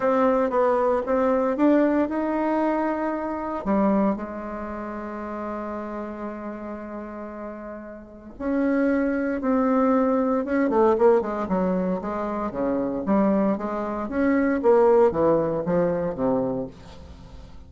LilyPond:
\new Staff \with { instrumentName = "bassoon" } { \time 4/4 \tempo 4 = 115 c'4 b4 c'4 d'4 | dis'2. g4 | gis1~ | gis1 |
cis'2 c'2 | cis'8 a8 ais8 gis8 fis4 gis4 | cis4 g4 gis4 cis'4 | ais4 e4 f4 c4 | }